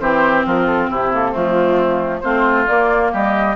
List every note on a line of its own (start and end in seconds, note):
0.00 0.45 E3
0.00 1.12 C4
0.00 0.46 G4
0.00 0.44 C5
0.46 0.90 F3
0.46 0.90 F4
0.46 0.66 A#4
0.66 0.89 A4
0.90 1.35 C3
0.90 1.31 E4
0.90 1.13 G4
1.12 1.33 A#3
1.12 1.36 A4
1.31 2.24 F3
1.31 2.22 A3
1.31 2.20 C4
1.31 2.20 F4
2.20 2.68 A3
2.20 2.67 C4
2.20 3.12 F4
2.20 2.65 C5
2.67 3.56 A#3
2.67 3.13 A#3
2.67 3.11 D5
3.12 3.56 G3
3.12 3.56 G4
3.12 3.56 D#5